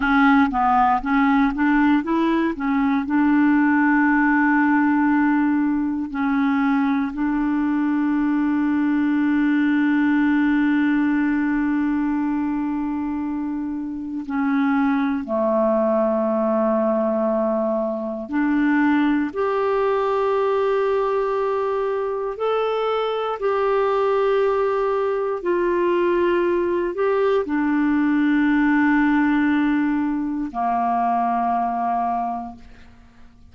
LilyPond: \new Staff \with { instrumentName = "clarinet" } { \time 4/4 \tempo 4 = 59 cis'8 b8 cis'8 d'8 e'8 cis'8 d'4~ | d'2 cis'4 d'4~ | d'1~ | d'2 cis'4 a4~ |
a2 d'4 g'4~ | g'2 a'4 g'4~ | g'4 f'4. g'8 d'4~ | d'2 ais2 | }